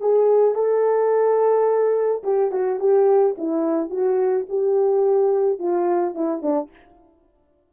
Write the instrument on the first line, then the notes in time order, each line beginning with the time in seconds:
horn
0.00 G#4
0.54 A4
2.23 G4
2.51 F#4
2.79 G4
3.37 E4
3.90 F#4
4.49 G4
5.58 F4
6.14 E4
6.42 D4